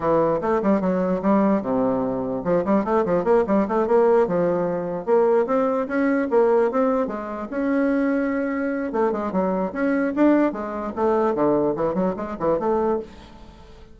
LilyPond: \new Staff \with { instrumentName = "bassoon" } { \time 4/4 \tempo 4 = 148 e4 a8 g8 fis4 g4 | c2 f8 g8 a8 f8 | ais8 g8 a8 ais4 f4.~ | f8 ais4 c'4 cis'4 ais8~ |
ais8 c'4 gis4 cis'4.~ | cis'2 a8 gis8 fis4 | cis'4 d'4 gis4 a4 | d4 e8 fis8 gis8 e8 a4 | }